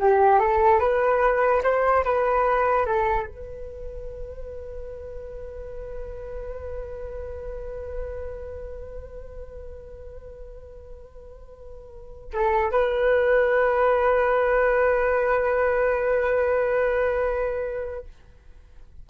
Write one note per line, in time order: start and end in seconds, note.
0.00 0.39 G4
0.39 0.80 A4
0.80 1.62 B4
1.63 2.04 C5
2.04 2.86 B4
2.86 3.27 A4
3.27 12.31 B4
12.33 12.71 A4
12.71 18.06 B4